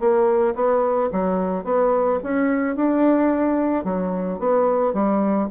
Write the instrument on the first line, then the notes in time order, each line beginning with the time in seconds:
bassoon
0.00 A#3
0.55 B3
1.12 F#3
1.65 B3
2.23 C#4
2.76 D4
3.85 F#3
4.39 B3
4.94 G3